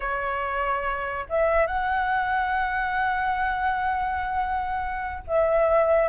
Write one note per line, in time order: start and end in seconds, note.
0.00 1.25 C#5
1.29 1.66 E5
1.66 5.23 F#5
5.27 6.08 E5